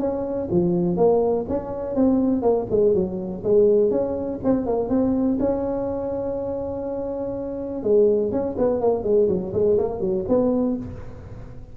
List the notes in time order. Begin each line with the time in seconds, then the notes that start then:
0.00 C#4
0.51 F3
0.97 A#3
1.49 C#4
1.96 C4
2.42 A#3
2.71 G#3
2.95 F#3
3.44 G#3
3.91 C#4
4.44 C4
4.66 A#3
4.90 C4
5.40 C#4
7.83 G#3
8.32 C#4
8.58 B3
8.81 A#3
9.04 G#3
9.29 F#3
9.54 G#3
9.78 A#3
10.01 F#3
10.28 B3